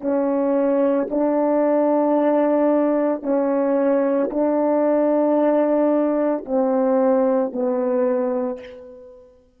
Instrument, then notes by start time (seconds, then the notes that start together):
horn
0.00 C#4
1.10 D4
3.22 C#4
4.30 D4
6.45 C4
7.52 B3